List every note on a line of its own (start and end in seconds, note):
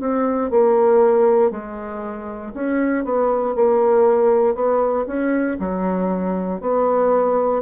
0.00 0.50 C4
0.50 1.51 A#3
1.51 2.53 G#3
2.54 3.04 C#4
3.04 3.55 B3
3.55 4.55 A#3
4.55 5.06 B3
5.07 5.58 C#4
5.59 6.61 F#3
6.61 7.62 B3